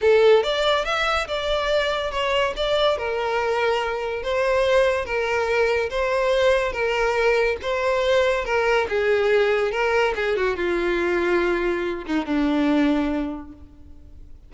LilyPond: \new Staff \with { instrumentName = "violin" } { \time 4/4 \tempo 4 = 142 a'4 d''4 e''4 d''4~ | d''4 cis''4 d''4 ais'4~ | ais'2 c''2 | ais'2 c''2 |
ais'2 c''2 | ais'4 gis'2 ais'4 | gis'8 fis'8 f'2.~ | f'8 dis'8 d'2. | }